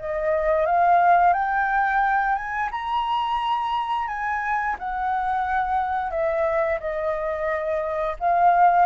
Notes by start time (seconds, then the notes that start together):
0.00 D#5
0.67 F5
1.34 G5
2.36 G#5
2.72 A#5
4.08 G#5
4.79 F#5
6.11 E5
6.81 D#5
8.20 F5